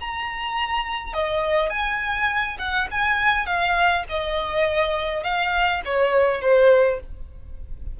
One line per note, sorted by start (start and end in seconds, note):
0.00 1.13 A#5
1.13 1.70 D#5
1.70 2.57 G#5
2.58 2.88 F#5
2.90 3.46 G#5
3.46 4.04 F5
4.09 5.23 D#5
5.23 5.81 F5
5.85 6.41 C#5
6.41 7.00 C5